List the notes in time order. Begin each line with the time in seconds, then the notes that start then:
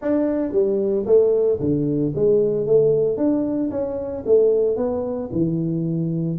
0.01 D4
0.52 G3
1.05 A3
1.60 D3
2.15 G#3
2.66 A3
3.17 D4
3.70 C#4
4.26 A3
4.76 B3
5.32 E3